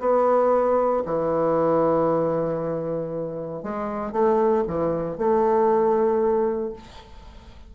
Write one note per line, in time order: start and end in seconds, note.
0.00 1.03 B3
1.06 3.63 E3
3.63 4.12 G#3
4.12 4.64 A3
4.68 5.18 E3
5.18 6.73 A3